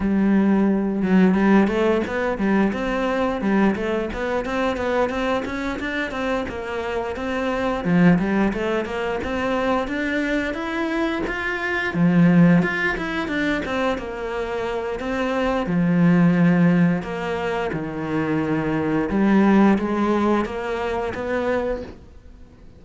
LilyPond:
\new Staff \with { instrumentName = "cello" } { \time 4/4 \tempo 4 = 88 g4. fis8 g8 a8 b8 g8 | c'4 g8 a8 b8 c'8 b8 c'8 | cis'8 d'8 c'8 ais4 c'4 f8 | g8 a8 ais8 c'4 d'4 e'8~ |
e'8 f'4 f4 f'8 e'8 d'8 | c'8 ais4. c'4 f4~ | f4 ais4 dis2 | g4 gis4 ais4 b4 | }